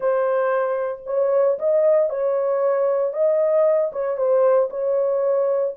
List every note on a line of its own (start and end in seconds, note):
0.00 1.02 C5
1.06 1.58 C#5
1.58 2.09 D#5
2.09 3.13 C#5
3.13 3.91 D#5
3.92 4.17 C#5
4.17 4.69 C5
4.70 5.74 C#5